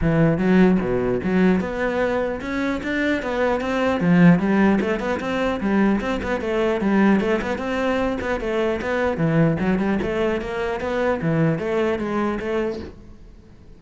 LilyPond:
\new Staff \with { instrumentName = "cello" } { \time 4/4 \tempo 4 = 150 e4 fis4 b,4 fis4 | b2 cis'4 d'4 | b4 c'4 f4 g4 | a8 b8 c'4 g4 c'8 b8 |
a4 g4 a8 b8 c'4~ | c'8 b8 a4 b4 e4 | fis8 g8 a4 ais4 b4 | e4 a4 gis4 a4 | }